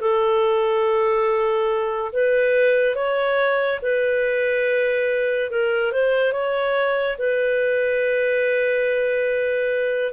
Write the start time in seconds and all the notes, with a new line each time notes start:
0.00 A4
2.12 B4
2.95 C#5
3.82 B4
5.50 A#4
5.92 C5
6.32 C#5
7.18 B4